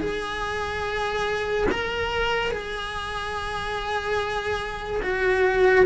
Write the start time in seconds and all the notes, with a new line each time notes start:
0.00 G#4
1.71 A#4
2.51 G#4
5.02 F#4